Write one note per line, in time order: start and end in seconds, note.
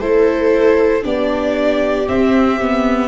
0.00 1.03 A3
0.00 1.03 E4
0.00 1.04 A4
0.00 1.04 C5
1.03 2.09 B3
1.03 2.07 D4
1.03 3.09 G4
1.03 2.09 D5
2.09 2.61 C4
2.09 3.09 C4
2.09 3.09 E5
2.61 3.09 B3